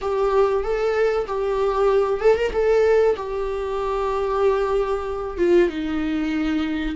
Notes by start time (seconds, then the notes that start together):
0.01 G4
0.63 A4
1.27 G4
2.20 A4
2.35 A#4
2.52 A4
3.16 G4
5.37 F4
5.69 D#4